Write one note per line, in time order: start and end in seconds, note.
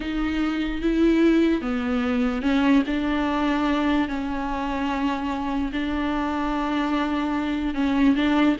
0.00 0.81 D#4
0.81 1.61 E4
1.61 2.42 B3
2.42 2.82 C#4
2.86 4.08 D4
4.08 5.71 C#4
5.72 7.74 D4
7.74 8.15 C#4
8.15 8.56 D4